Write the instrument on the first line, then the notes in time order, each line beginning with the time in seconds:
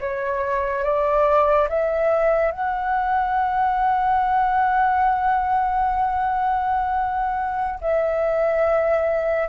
flute
0.00 C#5
0.84 D5
1.69 E5
2.51 F#5
7.81 E5